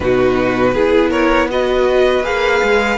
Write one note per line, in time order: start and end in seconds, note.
0.00 0.75 B2
0.00 0.75 D#4
0.00 0.73 F#4
0.00 1.10 B4
0.73 2.23 B3
0.73 1.50 E4
0.73 1.10 G#4
1.10 1.47 A#4
1.10 1.48 C#5
1.50 2.23 F#4
1.50 2.97 B4
1.50 2.24 D#5
2.23 2.61 A#3
2.23 2.97 G#4
2.23 2.97 F5
2.62 2.97 G#3